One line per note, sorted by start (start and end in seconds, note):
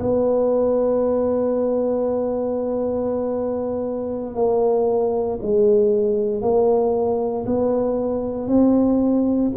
0.00 4.36 B3
4.36 5.40 A#3
5.43 6.42 G#3
6.42 7.46 A#3
7.47 8.49 B3
8.49 9.52 C4